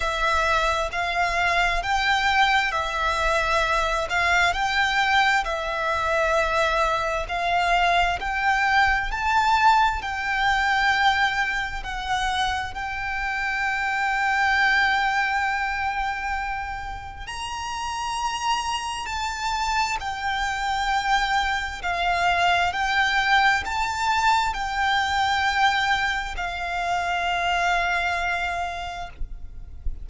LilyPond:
\new Staff \with { instrumentName = "violin" } { \time 4/4 \tempo 4 = 66 e''4 f''4 g''4 e''4~ | e''8 f''8 g''4 e''2 | f''4 g''4 a''4 g''4~ | g''4 fis''4 g''2~ |
g''2. ais''4~ | ais''4 a''4 g''2 | f''4 g''4 a''4 g''4~ | g''4 f''2. | }